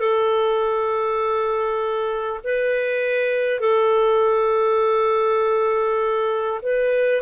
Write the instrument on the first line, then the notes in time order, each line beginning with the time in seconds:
clarinet
0.00 A4
2.44 B4
3.61 A4
6.62 B4